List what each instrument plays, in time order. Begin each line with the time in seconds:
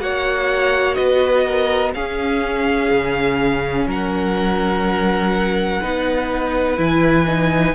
0.00 cello A#3, viola F#4, violin C#5 F#5
0.95 cello B3, violin B4 D#5
1.46 violin A#4
1.94 cello C#4, viola C#4, violin G#4 F5
2.91 cello C#3
3.86 cello F#3, violin A#4 F#5
5.81 cello B3, viola D#4, violin B4
6.77 cello E3, viola E4, violin G#5
7.27 viola D#4